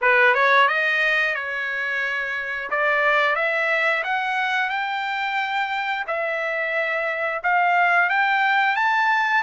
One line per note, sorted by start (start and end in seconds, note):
0.01 0.34 B4
0.34 0.67 C#5
0.67 1.34 D#5
1.34 2.69 C#5
2.70 3.35 D5
3.35 4.03 E5
4.03 4.69 F#5
4.69 6.04 G5
6.07 7.42 E5
7.43 8.09 F5
8.09 8.76 G5
8.76 9.43 A5